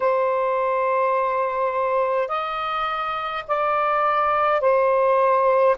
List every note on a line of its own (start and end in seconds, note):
0.00 2.28 C5
2.28 3.43 D#5
3.47 4.60 D5
4.60 5.76 C5